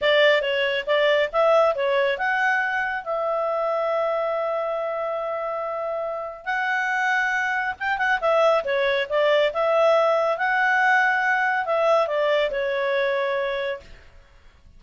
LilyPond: \new Staff \with { instrumentName = "clarinet" } { \time 4/4 \tempo 4 = 139 d''4 cis''4 d''4 e''4 | cis''4 fis''2 e''4~ | e''1~ | e''2. fis''4~ |
fis''2 g''8 fis''8 e''4 | cis''4 d''4 e''2 | fis''2. e''4 | d''4 cis''2. | }